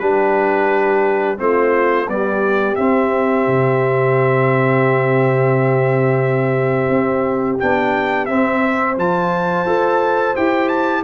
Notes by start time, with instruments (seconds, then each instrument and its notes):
0.00 tuba G3, trombone D4, horn G4, trumpet B4
1.38 tuba A3, trombone C4, horn F4, trumpet C5
2.08 trombone G3, tuba B3, horn G4, trumpet D5
2.76 trombone C4, tuba C4, trumpet E5
3.47 tuba C3
6.90 tuba C4
7.60 tuba B3, trombone D4, trumpet G5
8.26 tuba C4, trombone C4, trumpet E5
8.62 horn C5
8.98 tuba F3, trombone F4, trumpet A5
9.66 tuba F4, trombone A4
10.36 tuba E4, trombone G4, trumpet G5
10.69 trumpet A5